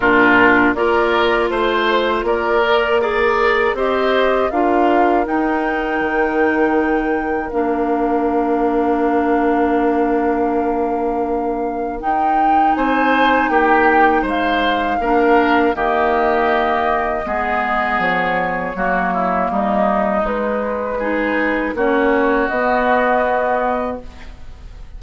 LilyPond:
<<
  \new Staff \with { instrumentName = "flute" } { \time 4/4 \tempo 4 = 80 ais'4 d''4 c''4 d''4 | ais'4 dis''4 f''4 g''4~ | g''2 f''2~ | f''1 |
g''4 gis''4 g''4 f''4~ | f''4 dis''2. | cis''2 dis''4 b'4~ | b'4 cis''4 dis''2 | }
  \new Staff \with { instrumentName = "oboe" } { \time 4/4 f'4 ais'4 c''4 ais'4 | d''4 c''4 ais'2~ | ais'1~ | ais'1~ |
ais'4 c''4 g'4 c''4 | ais'4 g'2 gis'4~ | gis'4 fis'8 e'8 dis'2 | gis'4 fis'2. | }
  \new Staff \with { instrumentName = "clarinet" } { \time 4/4 d'4 f'2~ f'8 ais'8 | gis'4 g'4 f'4 dis'4~ | dis'2 d'2~ | d'1 |
dis'1 | d'4 ais2 b4~ | b4 ais2 gis4 | dis'4 cis'4 b2 | }
  \new Staff \with { instrumentName = "bassoon" } { \time 4/4 ais,4 ais4 a4 ais4~ | ais4 c'4 d'4 dis'4 | dis2 ais2~ | ais1 |
dis'4 c'4 ais4 gis4 | ais4 dis2 gis4 | f4 fis4 g4 gis4~ | gis4 ais4 b2 | }
>>